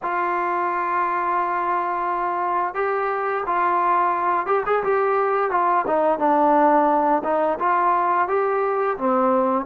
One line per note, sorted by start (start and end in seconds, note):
0.02 2.74 F4
2.74 3.43 G4
3.46 4.46 F4
4.46 4.63 G4
4.66 4.83 G#4
4.83 5.50 G4
5.50 5.85 F4
5.87 6.18 D#4
6.18 7.22 D4
7.24 7.58 D#4
7.59 8.28 F4
8.28 8.97 G4
8.97 9.65 C4